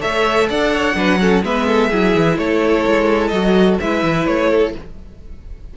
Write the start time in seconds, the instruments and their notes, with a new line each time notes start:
0.00 cello A3, viola A4, violin C#5 E5
0.49 cello D4, violin D5 F#5
0.72 violin C#5
0.94 cello F#3, viola D4, violin B4
1.20 viola C#4, violin A4
1.43 cello G#3, viola B3, violin B4 E5
1.66 violin A4
1.89 cello F#3, viola E4, violin G#4
2.16 cello E3
2.37 cello A3, violin A4 C#5
2.86 cello G#3
3.28 cello F#3, viola F#4, violin D#5
3.80 cello G#3, viola E4, violin B4 E5
4.03 cello E3
4.26 cello A3, violin C#5
4.50 violin A4